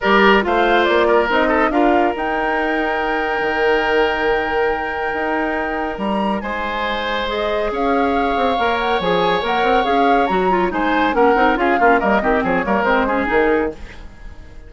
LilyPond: <<
  \new Staff \with { instrumentName = "flute" } { \time 4/4 \tempo 4 = 140 d''4 f''4 d''4 dis''4 | f''4 g''2.~ | g''1~ | g''2 ais''4 gis''4~ |
gis''4 dis''4 f''2~ | f''8 fis''8 gis''4 fis''4 f''4 | ais''4 gis''4 fis''4 f''4 | dis''4 cis''4 c''4 ais'4 | }
  \new Staff \with { instrumentName = "oboe" } { \time 4/4 ais'4 c''4. ais'4 a'8 | ais'1~ | ais'1~ | ais'2. c''4~ |
c''2 cis''2~ | cis''1~ | cis''4 c''4 ais'4 gis'8 f'8 | ais'8 g'8 gis'8 ais'4 gis'4. | }
  \new Staff \with { instrumentName = "clarinet" } { \time 4/4 g'4 f'2 dis'4 | f'4 dis'2.~ | dis'1~ | dis'1~ |
dis'4 gis'2. | ais'4 gis'4 ais'4 gis'4 | fis'8 f'8 dis'4 cis'8 dis'8 f'8 cis'8 | ais8 c'4 ais8 c'8 cis'8 dis'4 | }
  \new Staff \with { instrumentName = "bassoon" } { \time 4/4 g4 a4 ais4 c'4 | d'4 dis'2. | dis1 | dis'2 g4 gis4~ |
gis2 cis'4. c'8 | ais4 f4 ais8 c'8 cis'4 | fis4 gis4 ais8 c'8 cis'8 ais8 | g8 dis8 f8 g8 gis4 dis4 | }
>>